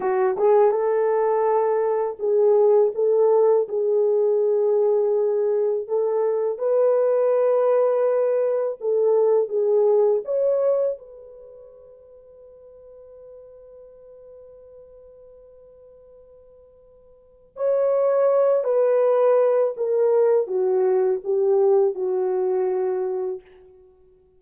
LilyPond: \new Staff \with { instrumentName = "horn" } { \time 4/4 \tempo 4 = 82 fis'8 gis'8 a'2 gis'4 | a'4 gis'2. | a'4 b'2. | a'4 gis'4 cis''4 b'4~ |
b'1~ | b'1 | cis''4. b'4. ais'4 | fis'4 g'4 fis'2 | }